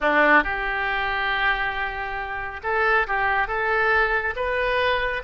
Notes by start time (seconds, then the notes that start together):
0.00 D4
0.43 G4
2.63 A4
3.07 G4
3.47 A4
4.36 B4